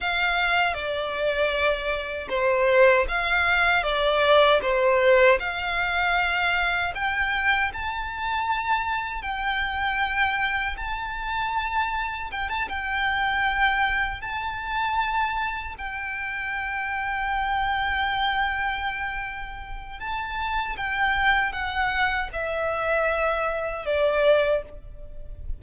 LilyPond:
\new Staff \with { instrumentName = "violin" } { \time 4/4 \tempo 4 = 78 f''4 d''2 c''4 | f''4 d''4 c''4 f''4~ | f''4 g''4 a''2 | g''2 a''2 |
g''16 a''16 g''2 a''4.~ | a''8 g''2.~ g''8~ | g''2 a''4 g''4 | fis''4 e''2 d''4 | }